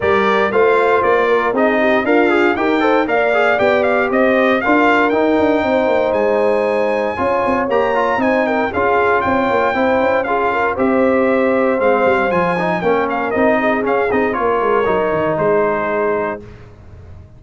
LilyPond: <<
  \new Staff \with { instrumentName = "trumpet" } { \time 4/4 \tempo 4 = 117 d''4 f''4 d''4 dis''4 | f''4 g''4 f''4 g''8 f''8 | dis''4 f''4 g''2 | gis''2. ais''4 |
gis''8 g''8 f''4 g''2 | f''4 e''2 f''4 | gis''4 g''8 f''8 dis''4 f''8 dis''8 | cis''2 c''2 | }
  \new Staff \with { instrumentName = "horn" } { \time 4/4 ais'4 c''4. ais'8 gis'8 g'8 | f'4 ais'8 c''8 d''2 | c''4 ais'2 c''4~ | c''2 cis''2 |
c''8 ais'8 gis'4 cis''4 c''4 | gis'8 ais'8 c''2.~ | c''4 ais'4. gis'4. | ais'2 gis'2 | }
  \new Staff \with { instrumentName = "trombone" } { \time 4/4 g'4 f'2 dis'4 | ais'8 gis'8 g'8 a'8 ais'8 gis'8 g'4~ | g'4 f'4 dis'2~ | dis'2 f'4 g'8 f'8 |
dis'4 f'2 e'4 | f'4 g'2 c'4 | f'8 dis'8 cis'4 dis'4 cis'8 dis'8 | f'4 dis'2. | }
  \new Staff \with { instrumentName = "tuba" } { \time 4/4 g4 a4 ais4 c'4 | d'4 dis'4 ais4 b4 | c'4 d'4 dis'8 d'8 c'8 ais8 | gis2 cis'8 c'8 ais4 |
c'4 cis'4 c'8 ais8 c'8 cis'8~ | cis'4 c'2 gis8 g8 | f4 ais4 c'4 cis'8 c'8 | ais8 gis8 fis8 dis8 gis2 | }
>>